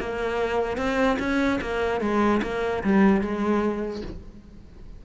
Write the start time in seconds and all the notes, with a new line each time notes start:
0.00 A#3
0.78 C4
1.19 C#4
1.62 A#3
2.01 G#3
2.43 A#3
2.84 G3
3.21 G#3